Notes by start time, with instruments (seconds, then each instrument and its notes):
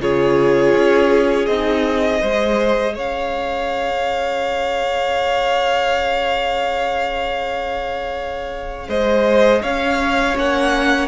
0.00 cello C#3, viola F4, violin G#4 C#5
0.74 cello C#4
1.47 cello C4, viola D#4, violin D#5
2.21 cello G#3, viola G#4, violin C5
2.95 cello C#4, violin C#5 F5
8.89 cello G#3, violin C5 D#5
9.62 cello C#4, violin C#5 F5
10.35 cello A#3, viola C#4, violin F#5